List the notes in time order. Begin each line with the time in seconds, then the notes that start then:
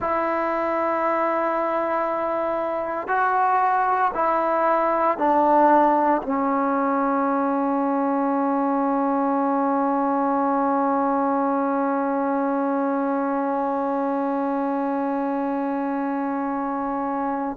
0.00 E4
3.08 F#4
4.14 E4
5.18 D4
6.23 C#4